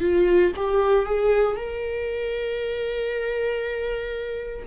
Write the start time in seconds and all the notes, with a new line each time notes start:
0.00 F4
0.55 G4
1.05 G#4
1.56 A#4